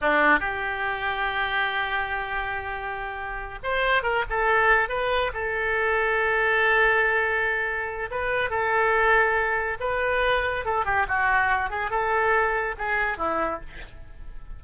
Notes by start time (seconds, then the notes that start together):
0.01 D4
0.39 G4
3.63 C5
4.02 A#4
4.29 A4
4.88 B4
5.33 A4
8.10 B4
8.50 A4
9.80 B4
10.65 A4
10.85 G4
11.08 F#4
11.70 G#4
11.90 A4
12.78 G#4
13.17 E4